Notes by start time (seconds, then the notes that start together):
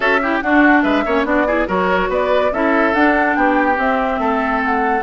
0.00 C#4 F#4 A4 E5
0.22 E4 G4
0.41 D4 F#4 F#5
0.82 G#3 B4 E5
1.05 A#3 C#4 C#5
1.24 B3 D4 F#4 D5
1.46 E4 G#4
1.67 F#3 F#4 A#4 C#5
2.08 B3 B4 D5
2.51 C#4 E4 A4 E5
2.93 D4 F#5
3.35 B3 G4 G5
3.75 C4 E5
4.19 A3 A4
4.63 F#5